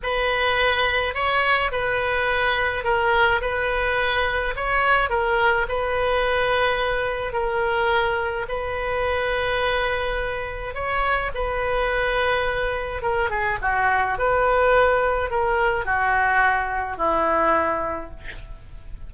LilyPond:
\new Staff \with { instrumentName = "oboe" } { \time 4/4 \tempo 4 = 106 b'2 cis''4 b'4~ | b'4 ais'4 b'2 | cis''4 ais'4 b'2~ | b'4 ais'2 b'4~ |
b'2. cis''4 | b'2. ais'8 gis'8 | fis'4 b'2 ais'4 | fis'2 e'2 | }